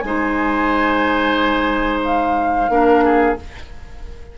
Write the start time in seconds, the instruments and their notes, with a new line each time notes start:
0.00 bassoon G#3, clarinet D#4, oboe C5, flute G#5
2.04 flute F5
2.69 bassoon A#3, clarinet D4, oboe A#4
3.04 oboe G#4